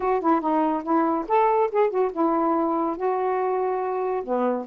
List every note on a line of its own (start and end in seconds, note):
0.00 0.20 F#4
0.20 0.40 E4
0.40 0.83 D#4
0.83 1.25 E4
1.28 1.70 A4
1.71 1.90 G#4
1.90 2.11 F#4
2.12 2.96 E4
2.96 4.23 F#4
4.23 4.66 B3